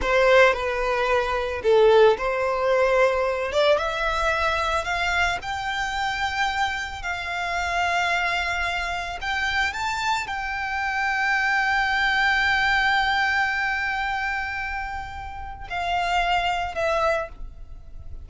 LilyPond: \new Staff \with { instrumentName = "violin" } { \time 4/4 \tempo 4 = 111 c''4 b'2 a'4 | c''2~ c''8 d''8 e''4~ | e''4 f''4 g''2~ | g''4 f''2.~ |
f''4 g''4 a''4 g''4~ | g''1~ | g''1~ | g''4 f''2 e''4 | }